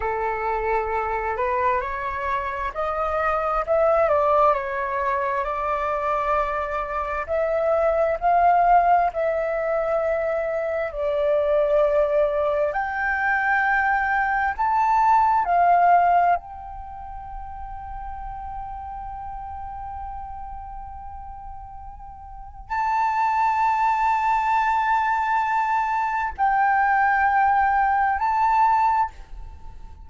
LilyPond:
\new Staff \with { instrumentName = "flute" } { \time 4/4 \tempo 4 = 66 a'4. b'8 cis''4 dis''4 | e''8 d''8 cis''4 d''2 | e''4 f''4 e''2 | d''2 g''2 |
a''4 f''4 g''2~ | g''1~ | g''4 a''2.~ | a''4 g''2 a''4 | }